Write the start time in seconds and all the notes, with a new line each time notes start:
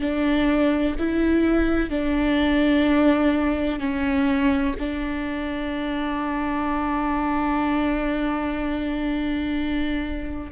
0.00 D4
0.99 E4
1.90 D4
3.79 C#4
4.79 D4